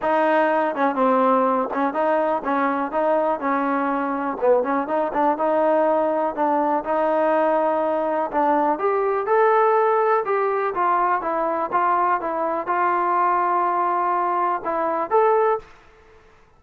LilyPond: \new Staff \with { instrumentName = "trombone" } { \time 4/4 \tempo 4 = 123 dis'4. cis'8 c'4. cis'8 | dis'4 cis'4 dis'4 cis'4~ | cis'4 b8 cis'8 dis'8 d'8 dis'4~ | dis'4 d'4 dis'2~ |
dis'4 d'4 g'4 a'4~ | a'4 g'4 f'4 e'4 | f'4 e'4 f'2~ | f'2 e'4 a'4 | }